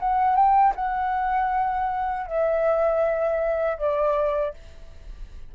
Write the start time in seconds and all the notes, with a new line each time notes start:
0.00 F#5
0.36 G5
0.75 F#5
2.26 E5
3.78 D5